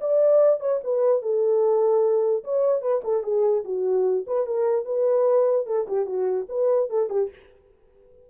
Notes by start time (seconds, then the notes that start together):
0.00 D5
0.60 C#5
0.83 B4
1.22 A4
2.44 C#5
2.81 B4
3.04 A4
3.23 G#4
3.64 F#4
4.26 B4
4.46 A#4
4.85 B4
5.66 A4
5.87 G4
6.06 F#4
6.48 B4
6.89 A4
7.09 G4